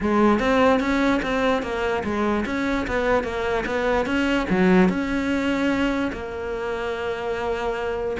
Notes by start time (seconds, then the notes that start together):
0.00 G#3
0.39 C4
0.80 C#4
1.22 C4
1.62 A#3
2.03 G#3
2.45 C#4
2.87 B3
3.23 A#3
3.66 B3
4.06 C#4
4.49 F#3
4.88 C#4
6.12 A#3